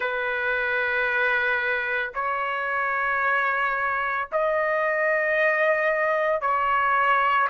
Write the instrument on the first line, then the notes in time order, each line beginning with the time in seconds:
trumpet
0.00 B4
2.14 C#5
4.31 D#5
6.40 C#5